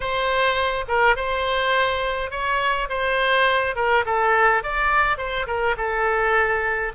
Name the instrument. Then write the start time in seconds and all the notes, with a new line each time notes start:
oboe
0.00 C5
0.88 A#4
1.16 C5
2.31 C#5
2.89 C5
3.75 A#4
4.05 A4
4.63 D5
5.17 C5
5.46 A#4
5.77 A4